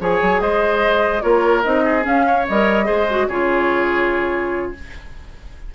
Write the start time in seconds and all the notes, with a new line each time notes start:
0.00 F3 G#4 C#5 G#5
0.22 F#3
0.41 G#3 C5 D#5
1.22 A#3 F4 A#4 C#5
1.64 C4 D#4 D#5
1.85 G#4
2.02 C#4 F5
2.27 C#5
2.48 G3 A#4 D#5
2.85 G#3 G#4 C5
3.10 F#4
3.28 C#3 F4 G#4 C#5